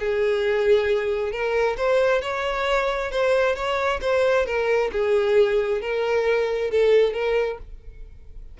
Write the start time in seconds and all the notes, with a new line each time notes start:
0.00 G#4
1.32 A#4
1.77 C5
2.22 C#5
3.12 C5
3.56 C#5
4.02 C5
4.46 A#4
4.92 G#4
5.81 A#4
6.71 A4
7.14 A#4